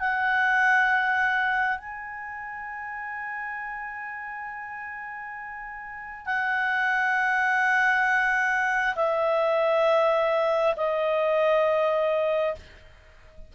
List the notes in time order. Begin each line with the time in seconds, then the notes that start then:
0.00 F#5
1.79 G#5
6.26 F#5
8.96 E5
10.77 D#5